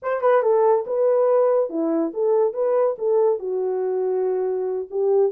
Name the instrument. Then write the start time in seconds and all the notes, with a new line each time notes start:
horn
0.02 C5
0.21 B4
0.42 A4
0.86 B4
1.69 E4
2.13 A4
2.53 B4
2.98 A4
3.39 F#4
4.90 G4